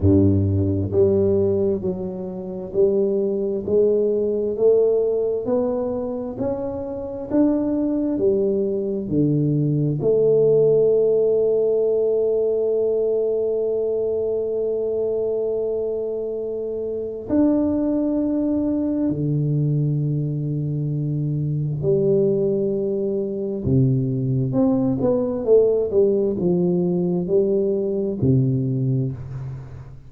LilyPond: \new Staff \with { instrumentName = "tuba" } { \time 4/4 \tempo 4 = 66 g,4 g4 fis4 g4 | gis4 a4 b4 cis'4 | d'4 g4 d4 a4~ | a1~ |
a2. d'4~ | d'4 d2. | g2 c4 c'8 b8 | a8 g8 f4 g4 c4 | }